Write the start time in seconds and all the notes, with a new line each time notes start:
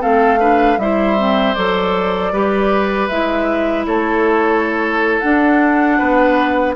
0.00 A3 C4 A4 F5
0.39 D4 B4
0.78 G3 E4 C5 E5
1.17 C4
1.54 F#3 A4 D5
2.32 G3 G4 B4
3.08 G#3 E4 E5
3.86 A3 A4 C#5
5.19 D4 F#5
5.98 B3 B4